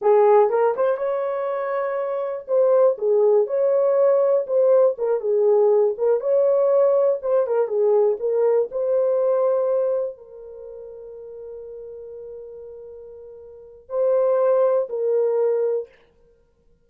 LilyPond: \new Staff \with { instrumentName = "horn" } { \time 4/4 \tempo 4 = 121 gis'4 ais'8 c''8 cis''2~ | cis''4 c''4 gis'4 cis''4~ | cis''4 c''4 ais'8 gis'4. | ais'8 cis''2 c''8 ais'8 gis'8~ |
gis'8 ais'4 c''2~ c''8~ | c''8 ais'2.~ ais'8~ | ais'1 | c''2 ais'2 | }